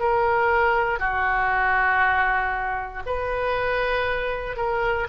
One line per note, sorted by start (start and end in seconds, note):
0.00 0.99 A#4
0.99 3.03 F#4
3.06 4.57 B4
4.57 5.08 A#4